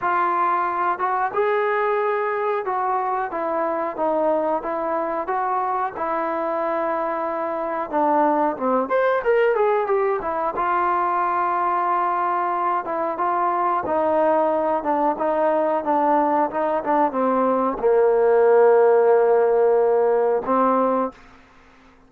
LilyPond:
\new Staff \with { instrumentName = "trombone" } { \time 4/4 \tempo 4 = 91 f'4. fis'8 gis'2 | fis'4 e'4 dis'4 e'4 | fis'4 e'2. | d'4 c'8 c''8 ais'8 gis'8 g'8 e'8 |
f'2.~ f'8 e'8 | f'4 dis'4. d'8 dis'4 | d'4 dis'8 d'8 c'4 ais4~ | ais2. c'4 | }